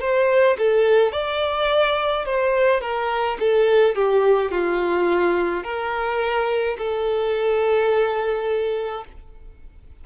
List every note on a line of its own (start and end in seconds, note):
0.00 0.57 C5
0.58 1.12 A4
1.12 2.25 D5
2.25 2.80 C5
2.80 3.37 A#4
3.39 3.95 A4
3.95 4.51 G4
4.51 5.63 F4
5.63 6.77 A#4
6.78 9.04 A4